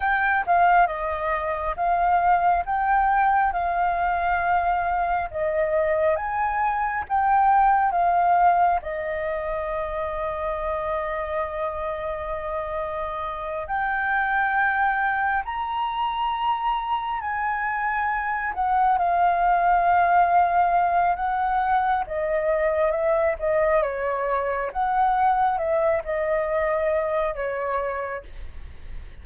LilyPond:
\new Staff \with { instrumentName = "flute" } { \time 4/4 \tempo 4 = 68 g''8 f''8 dis''4 f''4 g''4 | f''2 dis''4 gis''4 | g''4 f''4 dis''2~ | dis''2.~ dis''8 g''8~ |
g''4. ais''2 gis''8~ | gis''4 fis''8 f''2~ f''8 | fis''4 dis''4 e''8 dis''8 cis''4 | fis''4 e''8 dis''4. cis''4 | }